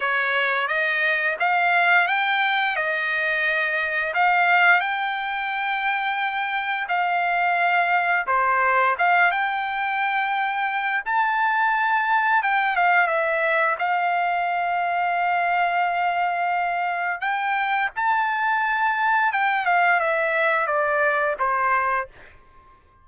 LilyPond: \new Staff \with { instrumentName = "trumpet" } { \time 4/4 \tempo 4 = 87 cis''4 dis''4 f''4 g''4 | dis''2 f''4 g''4~ | g''2 f''2 | c''4 f''8 g''2~ g''8 |
a''2 g''8 f''8 e''4 | f''1~ | f''4 g''4 a''2 | g''8 f''8 e''4 d''4 c''4 | }